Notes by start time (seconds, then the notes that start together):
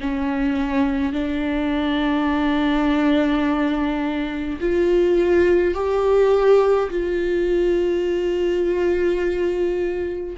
0.00 C#4
1.13 D4
4.60 F4
5.74 G4
6.90 F4